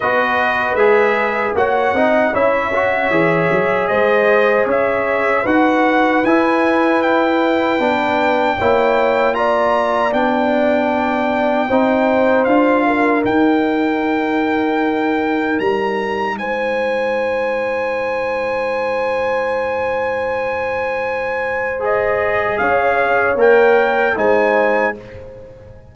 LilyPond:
<<
  \new Staff \with { instrumentName = "trumpet" } { \time 4/4 \tempo 4 = 77 dis''4 e''4 fis''4 e''4~ | e''4 dis''4 e''4 fis''4 | gis''4 g''2. | ais''4 g''2. |
f''4 g''2. | ais''4 gis''2.~ | gis''1 | dis''4 f''4 g''4 gis''4 | }
  \new Staff \with { instrumentName = "horn" } { \time 4/4 b'2 cis''8 dis''8 cis''4~ | cis''4 c''4 cis''4 b'4~ | b'2. cis''4 | d''2. c''4~ |
c''8 ais'2.~ ais'8~ | ais'4 c''2.~ | c''1~ | c''4 cis''2 c''4 | }
  \new Staff \with { instrumentName = "trombone" } { \time 4/4 fis'4 gis'4 fis'8 dis'8 e'8 fis'8 | gis'2. fis'4 | e'2 d'4 e'4 | f'4 d'2 dis'4 |
f'4 dis'2.~ | dis'1~ | dis'1 | gis'2 ais'4 dis'4 | }
  \new Staff \with { instrumentName = "tuba" } { \time 4/4 b4 gis4 ais8 c'8 cis'4 | e8 fis8 gis4 cis'4 dis'4 | e'2 b4 ais4~ | ais4 b2 c'4 |
d'4 dis'2. | g4 gis2.~ | gis1~ | gis4 cis'4 ais4 gis4 | }
>>